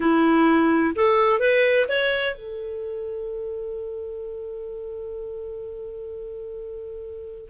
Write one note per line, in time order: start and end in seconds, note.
0.00 0.94 E4
0.95 1.39 A4
1.39 1.86 B4
1.88 2.35 C#5
2.35 7.49 A4